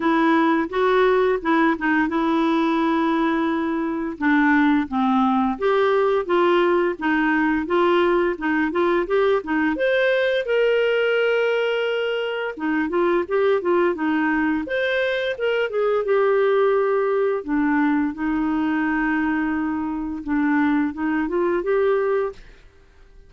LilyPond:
\new Staff \with { instrumentName = "clarinet" } { \time 4/4 \tempo 4 = 86 e'4 fis'4 e'8 dis'8 e'4~ | e'2 d'4 c'4 | g'4 f'4 dis'4 f'4 | dis'8 f'8 g'8 dis'8 c''4 ais'4~ |
ais'2 dis'8 f'8 g'8 f'8 | dis'4 c''4 ais'8 gis'8 g'4~ | g'4 d'4 dis'2~ | dis'4 d'4 dis'8 f'8 g'4 | }